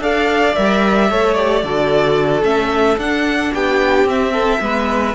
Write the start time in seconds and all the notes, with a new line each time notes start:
0.00 D4 A4 D5 F5
0.55 G3 A#4 E5
1.10 A3 A4 C#5
1.34 G4 D5
1.64 D3 F#4 A4
2.42 A3 C#4 E5
2.98 D4 F#5
3.53 B3 G4 G5
4.05 C4 E5
4.33 A4
4.61 G#3 B3 B4